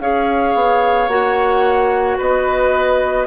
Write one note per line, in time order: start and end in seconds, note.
0.00 0.55 C#4
0.00 1.10 G#4
0.00 2.18 C#5
0.00 1.09 F5
0.55 1.08 B3
1.08 2.17 A#3
1.08 3.27 F#4
1.08 2.18 F#5
2.18 3.27 B3
2.18 3.27 B4
2.18 3.27 D#5